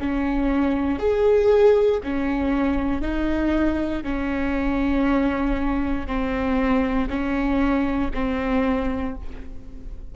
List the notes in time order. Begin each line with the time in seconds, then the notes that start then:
0.00 C#4
0.99 G#4
2.04 C#4
3.02 D#4
4.04 C#4
6.07 C4
7.10 C#4
8.14 C4